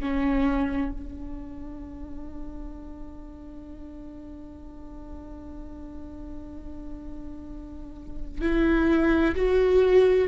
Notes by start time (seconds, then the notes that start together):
0.00 C#4
0.92 D4
8.42 E4
9.36 F#4